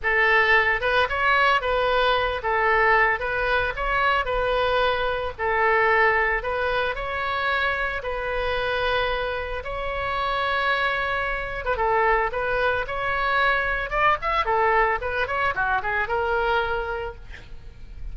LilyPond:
\new Staff \with { instrumentName = "oboe" } { \time 4/4 \tempo 4 = 112 a'4. b'8 cis''4 b'4~ | b'8 a'4. b'4 cis''4 | b'2 a'2 | b'4 cis''2 b'4~ |
b'2 cis''2~ | cis''4.~ cis''16 b'16 a'4 b'4 | cis''2 d''8 e''8 a'4 | b'8 cis''8 fis'8 gis'8 ais'2 | }